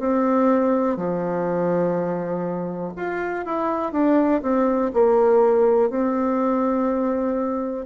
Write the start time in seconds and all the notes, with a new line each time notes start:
0.00 C4
0.97 F3
2.96 F4
3.46 E4
3.93 D4
4.43 C4
4.94 A#3
5.90 C4